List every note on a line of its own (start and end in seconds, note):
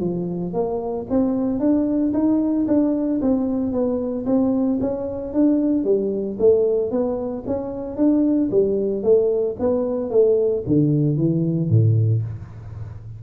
0.00 0.53 F3
0.53 1.06 A#3
1.09 1.59 C4
1.59 2.12 D4
2.13 2.66 D#4
2.67 3.20 D4
3.21 3.72 C4
3.72 4.25 B3
4.26 4.79 C4
4.80 5.33 C#4
5.33 5.84 D4
5.84 6.37 G3
6.39 6.91 A3
6.91 7.44 B3
7.46 7.96 C#4
7.96 8.50 D4
8.51 9.03 G3
9.03 9.56 A3
9.59 10.10 B3
10.10 10.63 A3
10.66 11.16 D3
11.16 11.69 E3
11.69 12.22 A2